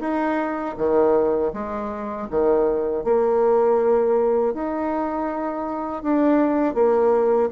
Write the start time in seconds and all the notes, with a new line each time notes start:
0.00 D#4
0.77 D#3
1.53 G#3
2.30 D#3
3.04 A#3
4.54 D#4
6.03 D4
6.75 A#3